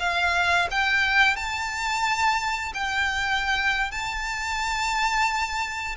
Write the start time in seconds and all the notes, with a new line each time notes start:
0.00 F5
0.71 G5
1.36 A5
2.75 G5
3.91 A5